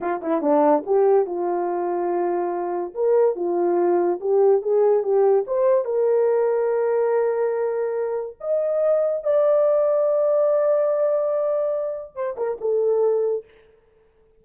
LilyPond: \new Staff \with { instrumentName = "horn" } { \time 4/4 \tempo 4 = 143 f'8 e'8 d'4 g'4 f'4~ | f'2. ais'4 | f'2 g'4 gis'4 | g'4 c''4 ais'2~ |
ais'1 | dis''2 d''2~ | d''1~ | d''4 c''8 ais'8 a'2 | }